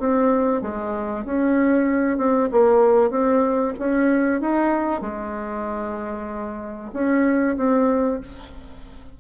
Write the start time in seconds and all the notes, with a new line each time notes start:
0.00 C4
0.62 G#3
1.25 C#4
2.18 C4
2.52 A#3
3.11 C4
3.79 C#4
4.41 D#4
5.02 G#3
6.94 C#4
7.57 C4